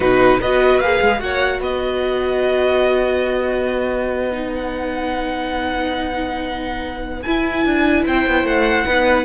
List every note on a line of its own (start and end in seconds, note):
0.00 0.38 B2
0.00 0.40 D#4
0.00 0.39 F#4
0.00 0.40 B4
0.39 0.79 B3
0.39 0.82 F#4
0.39 1.19 B4
0.39 0.80 D#5
0.79 0.99 A#3
0.79 1.18 G#4
0.79 1.20 F5
1.01 1.21 G#3
1.18 1.60 A#3
1.18 4.30 F#4
1.18 1.62 C#5
1.18 1.60 F#5
1.60 7.24 B3
1.60 8.06 B4
1.60 4.53 D#5
4.31 7.23 D#4
4.53 7.22 F#5
7.22 8.86 E4
7.22 7.65 E4
7.22 8.03 G#5
7.65 8.05 D4
8.05 8.26 C4
8.05 8.85 C5
8.05 8.46 G5
8.26 8.43 B3
8.43 8.84 A3
8.43 9.24 F#5
8.85 9.24 B3
8.85 9.24 D#4
8.85 9.24 B4